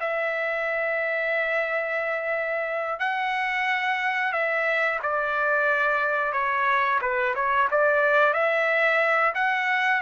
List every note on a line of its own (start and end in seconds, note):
0.00 2.99 E5
2.99 4.32 F#5
4.32 4.99 E5
5.02 6.32 D5
6.32 6.99 C#5
7.01 7.34 B4
7.35 7.68 C#5
7.71 8.33 D5
8.33 9.33 E5
9.34 10.01 F#5